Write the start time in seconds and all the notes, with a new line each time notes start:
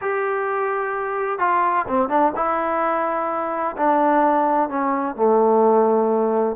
0.01 G4
1.38 F4
1.88 C4
2.09 D4
2.35 E4
3.76 D4
4.69 C#4
5.15 A3